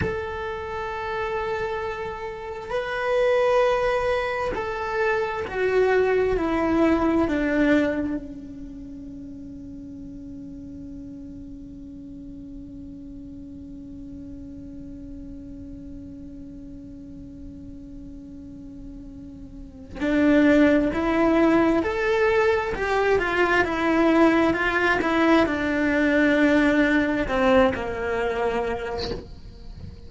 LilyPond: \new Staff \with { instrumentName = "cello" } { \time 4/4 \tempo 4 = 66 a'2. b'4~ | b'4 a'4 fis'4 e'4 | d'4 cis'2.~ | cis'1~ |
cis'1~ | cis'2 d'4 e'4 | a'4 g'8 f'8 e'4 f'8 e'8 | d'2 c'8 ais4. | }